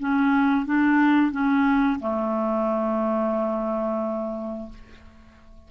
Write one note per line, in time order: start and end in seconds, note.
0.00 0.66 C#4
0.66 1.32 D4
1.32 1.99 C#4
2.00 4.69 A3